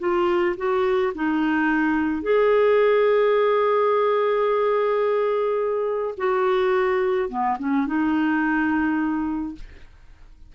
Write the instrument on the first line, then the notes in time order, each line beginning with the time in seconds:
clarinet
0.00 F4
0.58 F#4
1.15 D#4
2.23 G#4
6.18 F#4
7.29 B3
7.60 C#4
7.87 D#4